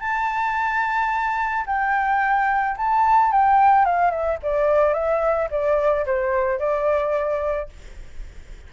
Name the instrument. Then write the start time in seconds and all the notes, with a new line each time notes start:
flute
0.00 A5
1.66 G5
2.77 A5
3.32 G5
3.85 F5
4.10 E5
4.43 D5
4.94 E5
5.50 D5
6.06 C5
6.59 D5